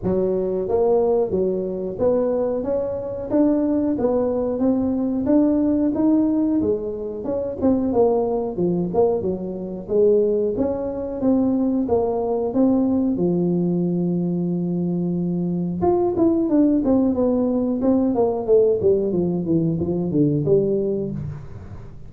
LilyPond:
\new Staff \with { instrumentName = "tuba" } { \time 4/4 \tempo 4 = 91 fis4 ais4 fis4 b4 | cis'4 d'4 b4 c'4 | d'4 dis'4 gis4 cis'8 c'8 | ais4 f8 ais8 fis4 gis4 |
cis'4 c'4 ais4 c'4 | f1 | f'8 e'8 d'8 c'8 b4 c'8 ais8 | a8 g8 f8 e8 f8 d8 g4 | }